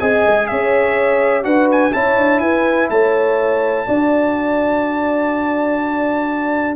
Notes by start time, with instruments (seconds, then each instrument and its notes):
0.00 tuba C4, trombone G#4, horn D#5, trumpet G#5
0.28 tuba G#3
0.48 tuba C#4, horn C#5, trumpet E5
1.43 tuba D4, trombone F#4, horn B4, trumpet F#5
1.72 trumpet G#5
1.93 tuba C#4, trombone E4, horn C#5, trumpet A5
2.17 tuba D4
2.40 tuba E4, horn B4, trumpet G#5
2.90 tuba A3, horn C#5, trumpet A5
3.87 tuba D4, trombone F#4, horn D5